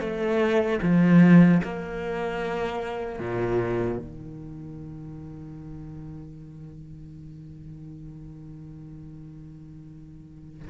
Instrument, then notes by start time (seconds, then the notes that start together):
cello
0.00 A3
0.83 F3
1.63 A#3
3.19 A#2
3.98 D#3